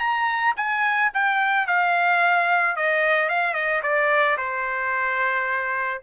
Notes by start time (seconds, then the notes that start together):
0.00 A#5
0.57 G#5
1.14 G5
1.68 F5
2.77 D#5
3.30 F5
3.55 D#5
3.83 D5
4.38 C5